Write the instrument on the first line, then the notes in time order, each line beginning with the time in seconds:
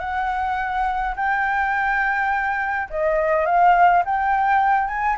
flute
0.00 F#5
1.16 G5
2.90 D#5
3.46 F5
4.05 G5
4.88 G#5